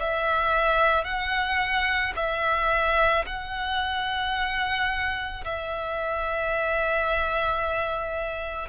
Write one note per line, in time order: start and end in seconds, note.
0.00 1.04 E5
1.04 2.13 F#5
2.16 3.25 E5
3.26 5.44 F#5
5.45 8.69 E5